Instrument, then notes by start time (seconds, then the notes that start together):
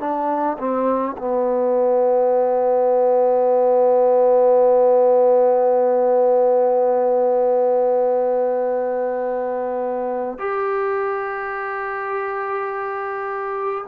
trombone
0.00 D4
0.59 C4
1.17 B3
10.38 G4